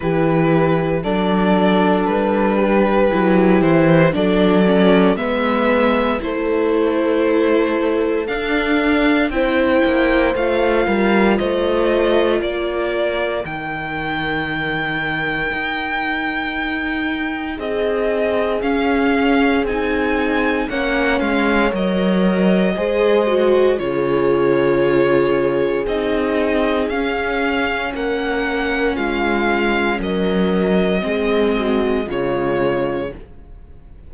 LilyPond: <<
  \new Staff \with { instrumentName = "violin" } { \time 4/4 \tempo 4 = 58 b'4 d''4 b'4. c''8 | d''4 e''4 c''2 | f''4 g''4 f''4 dis''4 | d''4 g''2.~ |
g''4 dis''4 f''4 gis''4 | fis''8 f''8 dis''2 cis''4~ | cis''4 dis''4 f''4 fis''4 | f''4 dis''2 cis''4 | }
  \new Staff \with { instrumentName = "horn" } { \time 4/4 g'4 a'4. g'4. | a'4 b'4 a'2~ | a'4 c''4. ais'8 c''4 | ais'1~ |
ais'4 gis'2. | cis''2 c''4 gis'4~ | gis'2. ais'4 | f'4 ais'4 gis'8 fis'8 f'4 | }
  \new Staff \with { instrumentName = "viola" } { \time 4/4 e'4 d'2 e'4 | d'8 cis'8 b4 e'2 | d'4 e'4 f'2~ | f'4 dis'2.~ |
dis'2 cis'4 dis'4 | cis'4 ais'4 gis'8 fis'8 f'4~ | f'4 dis'4 cis'2~ | cis'2 c'4 gis4 | }
  \new Staff \with { instrumentName = "cello" } { \time 4/4 e4 fis4 g4 fis8 e8 | fis4 gis4 a2 | d'4 c'8 ais8 a8 g8 a4 | ais4 dis2 dis'4~ |
dis'4 c'4 cis'4 c'4 | ais8 gis8 fis4 gis4 cis4~ | cis4 c'4 cis'4 ais4 | gis4 fis4 gis4 cis4 | }
>>